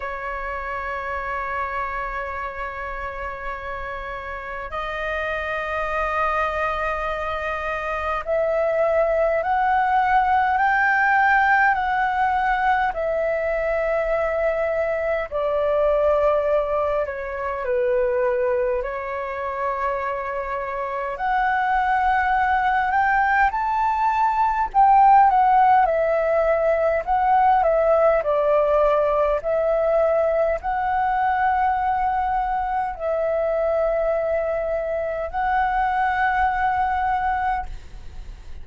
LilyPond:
\new Staff \with { instrumentName = "flute" } { \time 4/4 \tempo 4 = 51 cis''1 | dis''2. e''4 | fis''4 g''4 fis''4 e''4~ | e''4 d''4. cis''8 b'4 |
cis''2 fis''4. g''8 | a''4 g''8 fis''8 e''4 fis''8 e''8 | d''4 e''4 fis''2 | e''2 fis''2 | }